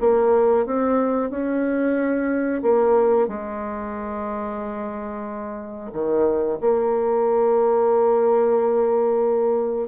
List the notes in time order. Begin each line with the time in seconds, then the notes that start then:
0.00 A#3
0.66 C4
1.30 C#4
2.62 A#3
3.28 G#3
5.93 D#3
6.61 A#3